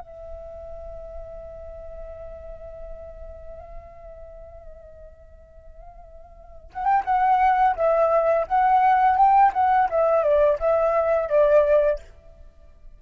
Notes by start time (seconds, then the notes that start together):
0.00 E5
6.73 F#5
6.85 G5
7.05 F#5
7.76 E5
8.48 F#5
9.17 G5
9.54 F#5
9.90 E5
10.23 D5
10.60 E5
11.29 D5